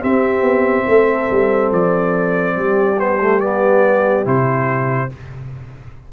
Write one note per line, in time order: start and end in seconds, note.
0.00 2.96 C4
0.00 0.41 C4
0.00 0.85 G4
0.00 1.72 E5
0.41 0.84 B3
0.87 1.29 A3
0.87 2.56 A4
1.30 1.71 G3
1.71 2.56 F3
1.71 2.99 D5
2.56 4.25 G3
2.56 5.10 G4
2.97 3.18 B3
2.97 3.39 C5
3.20 3.40 A3
3.39 4.24 B3
3.39 4.24 D5
4.24 5.10 C3
4.24 5.09 E4
4.24 5.12 C5